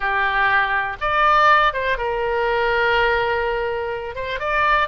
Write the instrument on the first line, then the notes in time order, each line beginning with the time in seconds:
oboe
0.00 G4
1.00 D5
1.73 C5
1.97 A#4
4.15 C5
4.39 D5